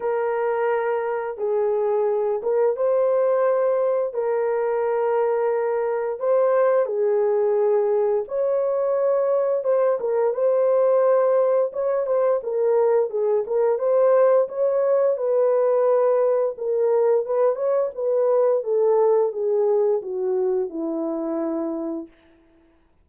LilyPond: \new Staff \with { instrumentName = "horn" } { \time 4/4 \tempo 4 = 87 ais'2 gis'4. ais'8 | c''2 ais'2~ | ais'4 c''4 gis'2 | cis''2 c''8 ais'8 c''4~ |
c''4 cis''8 c''8 ais'4 gis'8 ais'8 | c''4 cis''4 b'2 | ais'4 b'8 cis''8 b'4 a'4 | gis'4 fis'4 e'2 | }